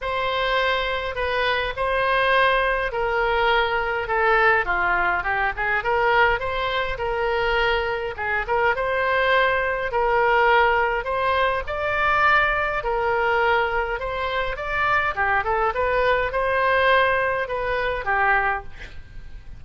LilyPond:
\new Staff \with { instrumentName = "oboe" } { \time 4/4 \tempo 4 = 103 c''2 b'4 c''4~ | c''4 ais'2 a'4 | f'4 g'8 gis'8 ais'4 c''4 | ais'2 gis'8 ais'8 c''4~ |
c''4 ais'2 c''4 | d''2 ais'2 | c''4 d''4 g'8 a'8 b'4 | c''2 b'4 g'4 | }